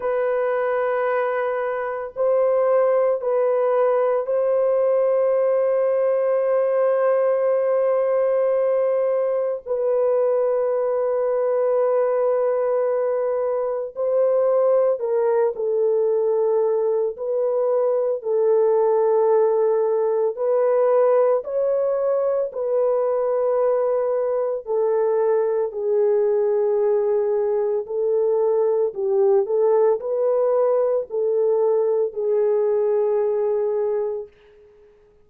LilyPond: \new Staff \with { instrumentName = "horn" } { \time 4/4 \tempo 4 = 56 b'2 c''4 b'4 | c''1~ | c''4 b'2.~ | b'4 c''4 ais'8 a'4. |
b'4 a'2 b'4 | cis''4 b'2 a'4 | gis'2 a'4 g'8 a'8 | b'4 a'4 gis'2 | }